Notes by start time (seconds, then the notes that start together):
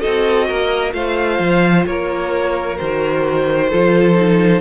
0.00 F#4 A4 D#5
0.06 C4
0.47 A#3 A#4
0.92 A3 F4 C5 F5
1.39 F3
1.86 A#3 A#4 C#5
2.77 D#3 F#4 C5
3.70 F3 F4 A4
4.15 D#4